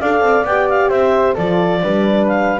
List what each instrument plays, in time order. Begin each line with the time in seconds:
0.00 double bass D4, horn A4, flute D5, clarinet F5
0.20 double bass C4
0.44 double bass B3, horn G4, clarinet G5
0.69 clarinet F5
0.89 double bass C4, flute C5, clarinet E5
1.34 double bass F3, horn F4, flute A4, clarinet D5
1.82 double bass G3, horn D4, flute B4
2.27 clarinet F5